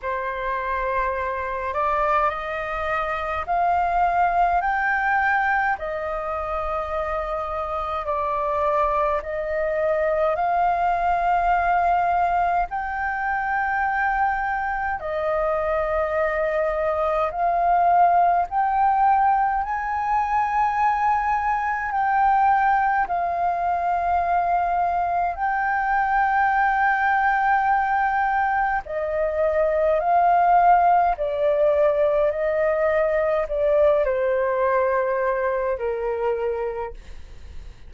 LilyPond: \new Staff \with { instrumentName = "flute" } { \time 4/4 \tempo 4 = 52 c''4. d''8 dis''4 f''4 | g''4 dis''2 d''4 | dis''4 f''2 g''4~ | g''4 dis''2 f''4 |
g''4 gis''2 g''4 | f''2 g''2~ | g''4 dis''4 f''4 d''4 | dis''4 d''8 c''4. ais'4 | }